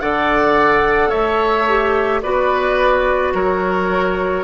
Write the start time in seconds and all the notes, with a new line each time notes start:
0.00 D3 A4 D5 F#5
1.09 A3 C#5 E5
1.68 G4
2.22 B3 F#4 B4 D5
3.34 F#3 A#4 C#5